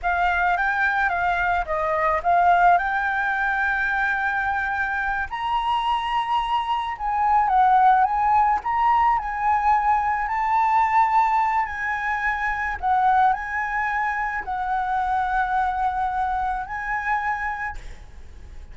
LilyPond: \new Staff \with { instrumentName = "flute" } { \time 4/4 \tempo 4 = 108 f''4 g''4 f''4 dis''4 | f''4 g''2.~ | g''4. ais''2~ ais''8~ | ais''8 gis''4 fis''4 gis''4 ais''8~ |
ais''8 gis''2 a''4.~ | a''4 gis''2 fis''4 | gis''2 fis''2~ | fis''2 gis''2 | }